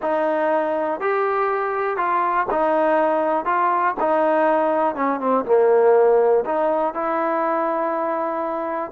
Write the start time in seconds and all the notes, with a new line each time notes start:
0.02 D#4
1.00 G4
1.97 F4
2.50 D#4
3.45 F4
4.00 D#4
4.95 C#4
5.20 C4
5.45 A#3
6.45 D#4
6.94 E4